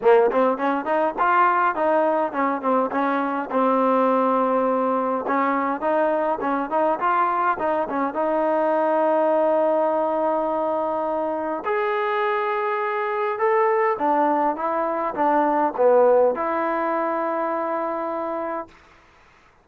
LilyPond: \new Staff \with { instrumentName = "trombone" } { \time 4/4 \tempo 4 = 103 ais8 c'8 cis'8 dis'8 f'4 dis'4 | cis'8 c'8 cis'4 c'2~ | c'4 cis'4 dis'4 cis'8 dis'8 | f'4 dis'8 cis'8 dis'2~ |
dis'1 | gis'2. a'4 | d'4 e'4 d'4 b4 | e'1 | }